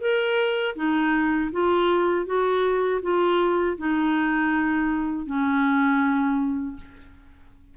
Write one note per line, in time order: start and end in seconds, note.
0.00 0.75 A#4
0.75 1.50 D#4
1.52 2.26 F4
2.26 3.01 F#4
3.02 3.77 F4
3.77 5.26 D#4
5.26 6.76 C#4